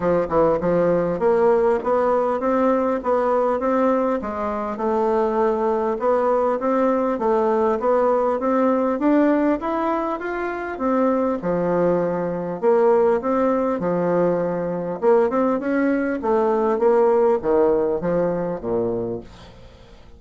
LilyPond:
\new Staff \with { instrumentName = "bassoon" } { \time 4/4 \tempo 4 = 100 f8 e8 f4 ais4 b4 | c'4 b4 c'4 gis4 | a2 b4 c'4 | a4 b4 c'4 d'4 |
e'4 f'4 c'4 f4~ | f4 ais4 c'4 f4~ | f4 ais8 c'8 cis'4 a4 | ais4 dis4 f4 ais,4 | }